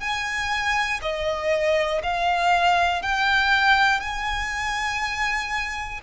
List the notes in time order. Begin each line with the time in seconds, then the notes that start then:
0.00 G#5
1.01 D#5
2.03 F5
3.02 G5
4.00 G#5